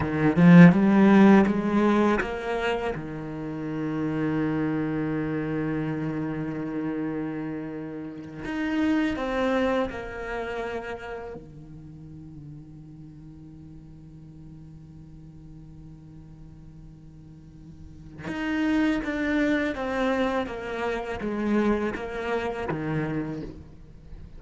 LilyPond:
\new Staff \with { instrumentName = "cello" } { \time 4/4 \tempo 4 = 82 dis8 f8 g4 gis4 ais4 | dis1~ | dis2.~ dis8 dis'8~ | dis'8 c'4 ais2 dis8~ |
dis1~ | dis1~ | dis4 dis'4 d'4 c'4 | ais4 gis4 ais4 dis4 | }